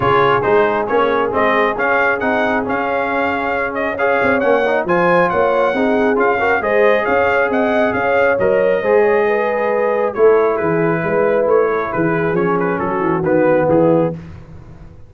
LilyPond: <<
  \new Staff \with { instrumentName = "trumpet" } { \time 4/4 \tempo 4 = 136 cis''4 c''4 cis''4 dis''4 | f''4 fis''4 f''2~ | f''8 dis''8 f''4 fis''4 gis''4 | fis''2 f''4 dis''4 |
f''4 fis''4 f''4 dis''4~ | dis''2. cis''4 | b'2 cis''4 b'4 | cis''8 b'8 a'4 b'4 gis'4 | }
  \new Staff \with { instrumentName = "horn" } { \time 4/4 gis'1~ | gis'1~ | gis'4 cis''2 c''4 | cis''4 gis'4. ais'8 c''4 |
cis''4 dis''4 cis''2 | c''8 cis''8 b'2 a'4 | gis'4 b'4. a'8 gis'4~ | gis'4 fis'2 e'4 | }
  \new Staff \with { instrumentName = "trombone" } { \time 4/4 f'4 dis'4 cis'4 c'4 | cis'4 dis'4 cis'2~ | cis'4 gis'4 cis'8 dis'8 f'4~ | f'4 dis'4 f'8 fis'8 gis'4~ |
gis'2. ais'4 | gis'2. e'4~ | e'1 | cis'2 b2 | }
  \new Staff \with { instrumentName = "tuba" } { \time 4/4 cis4 gis4 ais4 gis4 | cis'4 c'4 cis'2~ | cis'4. c'8 ais4 f4 | ais4 c'4 cis'4 gis4 |
cis'4 c'4 cis'4 fis4 | gis2. a4 | e4 gis4 a4 e4 | f4 fis8 e8 dis4 e4 | }
>>